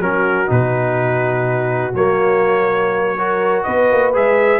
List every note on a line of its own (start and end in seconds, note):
0.00 0.48 F#3
0.00 0.47 C#4
0.00 3.17 F#4
0.00 0.51 A#4
0.47 1.94 B2
0.47 1.92 D#4
0.47 1.95 B4
1.94 3.64 F#3
1.94 3.17 A#3
1.94 3.64 C#5
3.17 4.14 F#4
3.17 3.65 A#4
3.64 3.92 B3
3.64 4.60 B4
3.64 4.12 D#5
3.92 4.15 A#3
4.14 4.60 G#3
4.14 4.60 G#4
4.14 4.60 E5